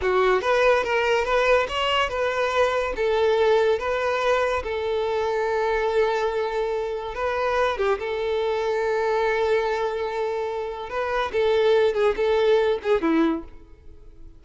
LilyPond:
\new Staff \with { instrumentName = "violin" } { \time 4/4 \tempo 4 = 143 fis'4 b'4 ais'4 b'4 | cis''4 b'2 a'4~ | a'4 b'2 a'4~ | a'1~ |
a'4 b'4. g'8 a'4~ | a'1~ | a'2 b'4 a'4~ | a'8 gis'8 a'4. gis'8 e'4 | }